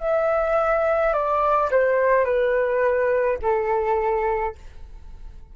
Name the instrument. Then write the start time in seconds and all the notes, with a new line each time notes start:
flute
0.00 E5
1.13 D5
1.70 C5
2.25 B4
3.42 A4